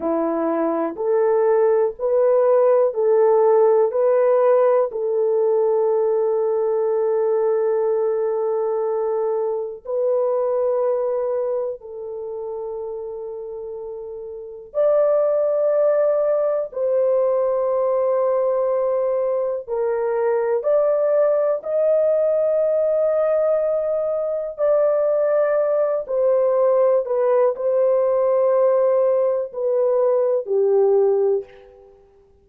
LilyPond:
\new Staff \with { instrumentName = "horn" } { \time 4/4 \tempo 4 = 61 e'4 a'4 b'4 a'4 | b'4 a'2.~ | a'2 b'2 | a'2. d''4~ |
d''4 c''2. | ais'4 d''4 dis''2~ | dis''4 d''4. c''4 b'8 | c''2 b'4 g'4 | }